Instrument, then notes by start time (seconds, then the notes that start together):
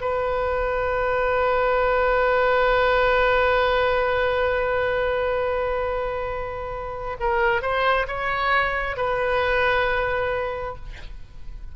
oboe
0.00 B4
7.19 A#4
7.61 C5
8.07 C#5
8.96 B4